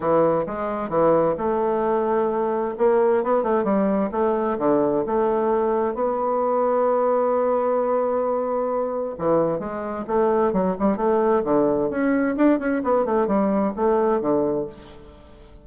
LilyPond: \new Staff \with { instrumentName = "bassoon" } { \time 4/4 \tempo 4 = 131 e4 gis4 e4 a4~ | a2 ais4 b8 a8 | g4 a4 d4 a4~ | a4 b2.~ |
b1 | e4 gis4 a4 fis8 g8 | a4 d4 cis'4 d'8 cis'8 | b8 a8 g4 a4 d4 | }